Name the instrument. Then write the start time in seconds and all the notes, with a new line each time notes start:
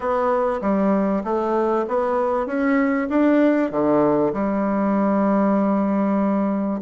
bassoon
0.00 B3
0.61 G3
1.23 A3
1.88 B3
2.46 C#4
3.09 D4
3.71 D3
4.33 G3